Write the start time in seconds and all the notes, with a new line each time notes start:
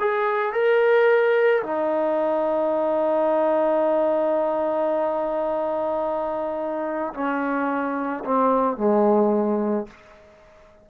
0.00 G#4
0.53 A#4
1.63 D#4
7.14 C#4
8.25 C4
8.77 G#3